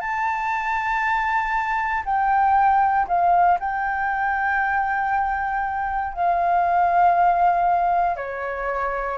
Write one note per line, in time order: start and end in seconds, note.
0.00 2.03 A5
2.05 3.07 G5
3.08 3.59 F5
3.60 6.14 G5
6.14 8.17 F5
8.17 9.18 C#5